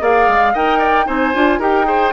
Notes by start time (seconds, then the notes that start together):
0.00 A#3 G#4 D5 F5
0.27 G#3
0.53 D#4 A#4 D#5 G5
0.79 D5
1.06 C4 D#4 C5 G#5
1.34 D4 F4
1.59 D#4 G4 A#4 G5
1.84 G#4 C5